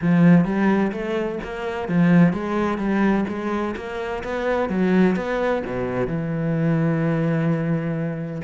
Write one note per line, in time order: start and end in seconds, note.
0.01 0.44 F3
0.44 0.91 G3
0.91 1.38 A3
1.43 1.88 A#3
1.88 2.33 F3
2.33 2.78 G#3
2.78 3.25 G3
3.28 3.75 G#3
3.76 4.23 A#3
4.23 4.69 B3
4.69 5.15 F#3
5.15 5.62 B3
5.66 6.07 B2
6.07 8.41 E3